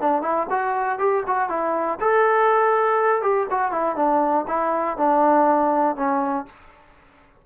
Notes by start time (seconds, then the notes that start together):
0.00 D4
0.22 E4
0.50 F#4
0.98 G4
1.26 F#4
1.49 E4
2.00 A4
3.22 G4
3.50 F#4
3.71 E4
3.96 D4
4.47 E4
4.97 D4
5.95 C#4